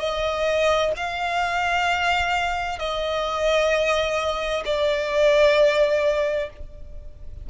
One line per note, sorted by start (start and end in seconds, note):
0.00 0.92 D#5
0.97 2.79 F5
2.79 4.64 D#5
4.66 6.50 D5